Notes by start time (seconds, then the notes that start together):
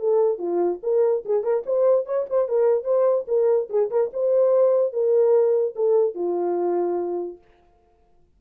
0.00 A4
0.38 F4
0.83 A#4
1.26 G#4
1.43 A#4
1.66 C5
2.06 C#5
2.30 C5
2.49 A#4
2.84 C5
3.28 A#4
3.70 G#4
3.91 A#4
4.13 C5
4.93 A#4
5.76 A4
6.15 F4